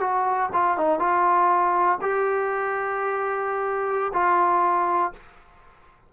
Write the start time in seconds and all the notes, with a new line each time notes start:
0.00 F#4
0.53 F4
0.77 D#4
0.99 F4
2.01 G4
4.13 F4